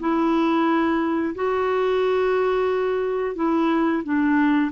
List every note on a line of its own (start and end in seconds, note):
0.00 1.35 E4
1.36 3.36 F#4
3.36 4.03 E4
4.04 4.72 D4